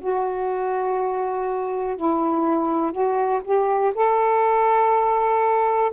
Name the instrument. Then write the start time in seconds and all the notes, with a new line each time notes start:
saxophone
0.00 F#4
1.96 E4
2.92 F#4
3.44 G4
3.95 A4